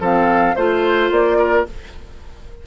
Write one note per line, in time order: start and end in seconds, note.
0.00 0.55 F3
0.00 0.56 C4
0.00 0.55 A4
0.00 0.56 F5
0.55 1.11 A3
0.55 1.66 F4
0.55 1.38 C5
0.55 1.11 C5
1.11 1.66 A#3
1.11 1.66 D5
1.38 1.66 A#4